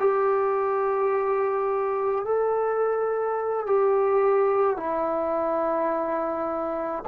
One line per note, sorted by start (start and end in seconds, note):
0.00 2.25 G4
2.25 3.67 A4
3.67 4.78 G4
4.78 7.04 E4